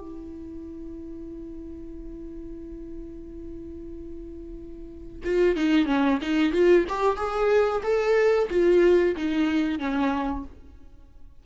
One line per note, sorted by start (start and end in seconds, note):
0.00 5.22 E4
5.25 5.56 F4
5.56 5.86 D#4
5.86 6.19 C#4
6.22 6.53 D#4
6.53 6.85 F4
6.89 7.17 G4
7.17 7.82 G#4
7.83 8.48 A4
8.50 9.16 F4
9.16 9.79 D#4
9.79 10.45 C#4